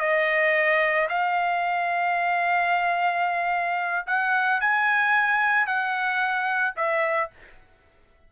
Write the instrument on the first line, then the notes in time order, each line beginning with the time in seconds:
trumpet
0.00 D#5
1.09 F5
4.07 F#5
4.61 G#5
5.67 F#5
6.76 E5